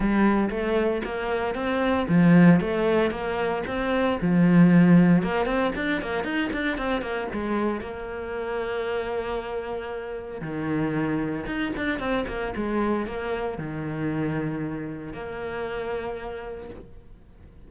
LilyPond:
\new Staff \with { instrumentName = "cello" } { \time 4/4 \tempo 4 = 115 g4 a4 ais4 c'4 | f4 a4 ais4 c'4 | f2 ais8 c'8 d'8 ais8 | dis'8 d'8 c'8 ais8 gis4 ais4~ |
ais1 | dis2 dis'8 d'8 c'8 ais8 | gis4 ais4 dis2~ | dis4 ais2. | }